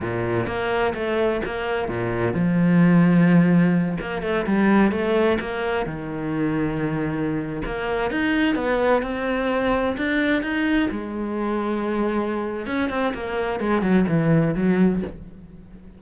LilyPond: \new Staff \with { instrumentName = "cello" } { \time 4/4 \tempo 4 = 128 ais,4 ais4 a4 ais4 | ais,4 f2.~ | f8 ais8 a8 g4 a4 ais8~ | ais8 dis2.~ dis8~ |
dis16 ais4 dis'4 b4 c'8.~ | c'4~ c'16 d'4 dis'4 gis8.~ | gis2. cis'8 c'8 | ais4 gis8 fis8 e4 fis4 | }